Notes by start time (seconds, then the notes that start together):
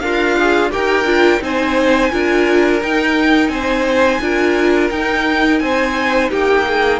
0.00 D4 F4 A#4 F5
0.39 G#4
0.71 D#4 G4 A#4 G5
1.04 D4 F4
1.41 C4 D#4 C5 G#5
2.11 D4 F4 A#4
2.82 D#4 G5
3.49 C4 C5 G#5
4.21 D4 F4 A#4
4.90 D#4 G5
5.59 C4 C5 G#5
6.30 A#3 G4 G5
6.67 G#4